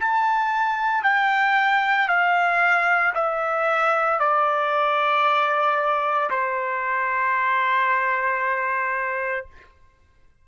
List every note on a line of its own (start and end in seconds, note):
0.00 1.03 A5
1.03 2.08 G5
2.08 3.13 F5
3.14 4.20 E5
4.20 6.30 D5
6.30 9.46 C5